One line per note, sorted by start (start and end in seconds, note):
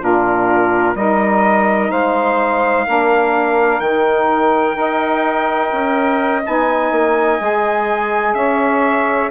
0.00 0.96 A#2
0.00 0.95 D4
0.00 0.96 F4
0.00 0.96 A#4
0.96 1.91 G3
0.96 2.87 D#4
0.96 1.91 A#4
0.96 1.92 D#5
1.91 2.87 G#3
1.91 2.87 C5
1.91 3.81 F5
2.87 3.81 A#3
2.87 3.82 D4
2.87 4.78 A#4
3.81 4.76 D#3
3.81 4.76 D#4
3.81 6.42 G5
4.76 5.71 D#4
4.76 6.42 A#4
4.76 8.37 D#5
5.73 6.44 C#4
6.46 6.92 B3
6.46 7.40 D#4
6.46 8.35 G#5
6.92 7.39 A#3
7.40 8.34 G#3
7.40 9.31 G#4
8.34 9.30 C#4
8.34 9.32 C#5
8.34 9.30 E5